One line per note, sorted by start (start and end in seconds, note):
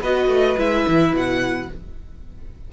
0.00 0.27 B3
0.00 0.57 F#4
0.00 1.68 B4
0.00 0.59 D#5
0.27 0.55 A3
0.57 0.86 G#3
0.57 1.70 E4
0.57 1.15 E5
0.87 1.12 E3
1.12 1.68 B2
1.12 1.72 F#5